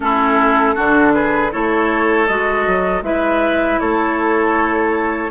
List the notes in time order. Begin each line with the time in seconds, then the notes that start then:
0.00 A3 C#4 E4 A4
0.74 D3 D4 F#4
1.13 G#4 B4
1.51 A3 E4 A4 C#5
2.27 G#3 F#4 D#5
2.66 F#3
3.02 G#3 E4 B4 E5
3.79 A3 A4 C#5